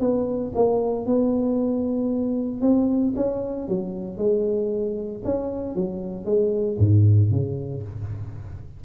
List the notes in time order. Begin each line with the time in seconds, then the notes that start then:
0.00 B3
0.55 A#3
1.06 B3
2.61 C4
3.16 C#4
3.68 F#3
4.18 G#3
5.24 C#4
5.75 F#3
6.25 G#3
6.78 G#2
7.31 C#3